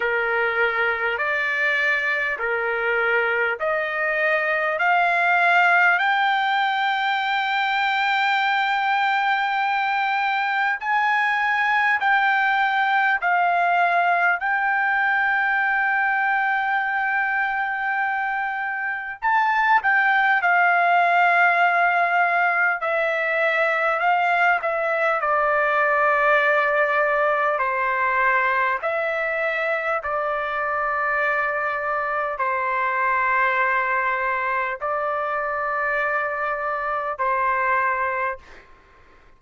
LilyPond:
\new Staff \with { instrumentName = "trumpet" } { \time 4/4 \tempo 4 = 50 ais'4 d''4 ais'4 dis''4 | f''4 g''2.~ | g''4 gis''4 g''4 f''4 | g''1 |
a''8 g''8 f''2 e''4 | f''8 e''8 d''2 c''4 | e''4 d''2 c''4~ | c''4 d''2 c''4 | }